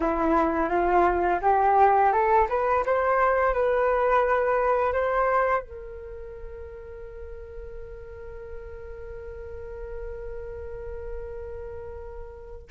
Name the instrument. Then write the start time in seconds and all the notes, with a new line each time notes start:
flute
0.00 E4
0.69 F4
1.41 G4
2.12 A4
2.49 B4
2.85 C5
3.53 B4
4.93 C5
5.62 A#4